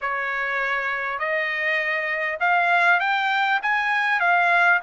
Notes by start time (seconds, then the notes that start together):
0.01 C#5
1.18 D#5
2.39 F5
3.00 G5
3.62 G#5
4.19 F5